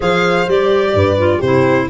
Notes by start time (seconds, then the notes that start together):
0.00 F3 G#4 C5 F5
0.47 G3 G4 D5
0.94 G2 B4
1.18 F4
1.37 C3 G4 C5
1.43 E4